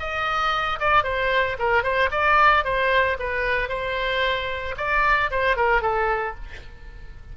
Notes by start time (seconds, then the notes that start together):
0.00 D#5
0.80 D5
1.04 C5
1.59 A#4
1.83 C5
2.12 D5
2.65 C5
3.20 B4
3.69 C5
4.78 D5
5.31 C5
5.57 A#4
5.82 A4